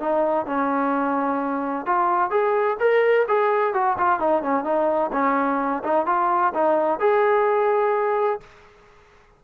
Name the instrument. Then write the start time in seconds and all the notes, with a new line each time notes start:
trombone
0.00 D#4
0.46 C#4
1.86 F4
2.31 G#4
2.80 A#4
3.28 G#4
3.74 F#4
3.98 F4
4.20 D#4
4.42 C#4
4.64 D#4
5.12 C#4
5.84 D#4
6.06 F4
6.54 D#4
7.00 G#4